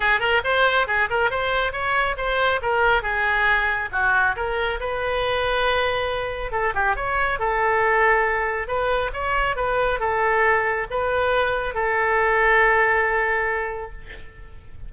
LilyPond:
\new Staff \with { instrumentName = "oboe" } { \time 4/4 \tempo 4 = 138 gis'8 ais'8 c''4 gis'8 ais'8 c''4 | cis''4 c''4 ais'4 gis'4~ | gis'4 fis'4 ais'4 b'4~ | b'2. a'8 g'8 |
cis''4 a'2. | b'4 cis''4 b'4 a'4~ | a'4 b'2 a'4~ | a'1 | }